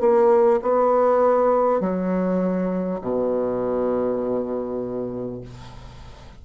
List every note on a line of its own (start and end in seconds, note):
0.00 0.60 A#3
0.62 1.81 B3
1.81 3.01 F#3
3.02 5.42 B2